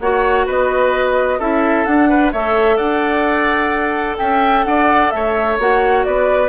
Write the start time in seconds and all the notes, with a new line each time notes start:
0.00 A#3 F#4 C#5 F#5
0.46 B3 B4 D#5
1.39 C#4 E4 A4 E5
1.85 D4 F#5
2.09 B4
2.32 A3 A4 C#5 E5
2.77 D4 D5 F#5
4.18 C#4 E5 G5
4.64 D4 D5 F#5
5.10 A3 C#5 E5
5.58 A#3 F#4 F#5
6.04 B3 B4 D5